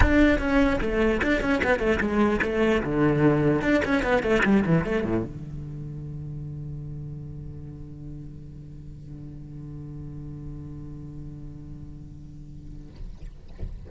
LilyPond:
\new Staff \with { instrumentName = "cello" } { \time 4/4 \tempo 4 = 149 d'4 cis'4 a4 d'8 cis'8 | b8 a8 gis4 a4 d4~ | d4 d'8 cis'8 b8 a8 g8 e8 | a8 a,8 d2.~ |
d1~ | d1~ | d1~ | d1 | }